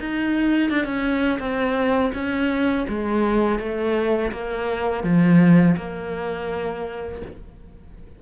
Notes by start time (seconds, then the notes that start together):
0.00 D#4
0.70 D4
0.85 C#4
1.40 C4
2.14 C#4
2.89 G#3
3.59 A3
4.32 A#3
5.04 F3
5.77 A#3